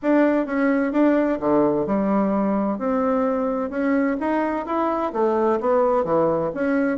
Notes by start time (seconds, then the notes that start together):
0.02 D4
0.46 C#4
0.92 D4
1.40 D3
1.86 G3
2.78 C4
3.70 C#4
4.19 D#4
4.66 E4
5.13 A3
5.60 B3
6.04 E3
6.54 C#4